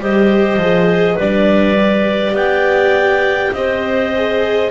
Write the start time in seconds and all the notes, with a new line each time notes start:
0.00 G3 G4 C5 D#5
0.57 F3 G#4
1.14 G3 D4 B4 D5
1.77 G4
2.33 B3 D5 G5
3.53 C4 C5 D#5
4.15 G#4